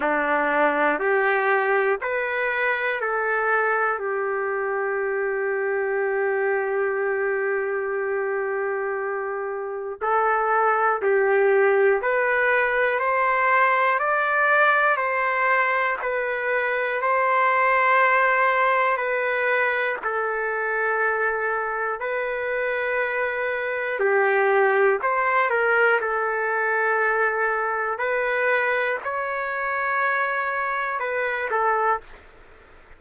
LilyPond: \new Staff \with { instrumentName = "trumpet" } { \time 4/4 \tempo 4 = 60 d'4 g'4 b'4 a'4 | g'1~ | g'2 a'4 g'4 | b'4 c''4 d''4 c''4 |
b'4 c''2 b'4 | a'2 b'2 | g'4 c''8 ais'8 a'2 | b'4 cis''2 b'8 a'8 | }